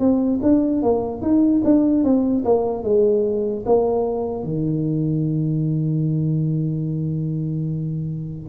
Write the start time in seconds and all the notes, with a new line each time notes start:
0.00 C4
0.43 D4
0.83 A#3
1.22 D#4
1.65 D4
2.04 C4
2.45 A#3
2.84 G#3
3.66 A#3
4.44 D#3